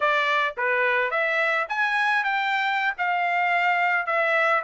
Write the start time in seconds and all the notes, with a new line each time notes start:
0.00 D5
0.57 B4
1.10 E5
1.68 G#5
2.24 G5
2.98 F5
4.06 E5